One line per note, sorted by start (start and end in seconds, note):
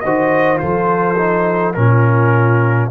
0.00 0.62 D#3
0.00 0.57 F#4
0.00 0.61 C5
0.00 0.58 D#5
0.57 1.76 F3
0.57 1.15 F4
0.57 1.76 A4
0.57 1.73 C5
1.16 1.74 D#4
1.74 2.91 A#2
1.74 2.90 C#4
1.74 2.91 F4
1.74 2.89 A#4